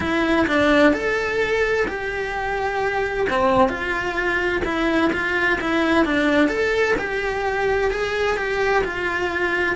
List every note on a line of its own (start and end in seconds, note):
0.00 0.46 E4
0.47 0.93 D4
0.93 1.86 A4
1.87 3.27 G4
3.29 3.68 C4
3.68 4.62 F4
4.64 5.11 E4
5.12 5.59 F4
5.60 6.05 E4
6.05 6.48 D4
6.48 6.95 A4
6.98 7.90 G4
7.90 8.36 G#4
8.36 8.83 G4
8.84 9.76 F4